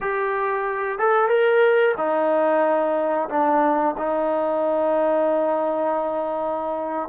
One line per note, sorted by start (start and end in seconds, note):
0.01 0.98 G4
0.98 1.29 A4
1.29 1.95 A#4
1.97 3.28 D#4
3.29 3.95 D4
3.97 7.08 D#4